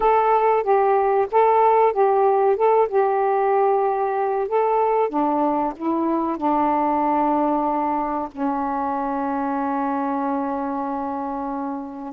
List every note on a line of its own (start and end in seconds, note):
0.00 0.63 A4
0.63 1.26 G4
1.31 1.93 A4
1.93 2.56 G4
2.56 2.88 A4
2.88 4.47 G4
4.47 5.09 A4
5.09 5.73 D4
5.76 6.37 E4
6.37 8.28 D4
8.31 12.13 C#4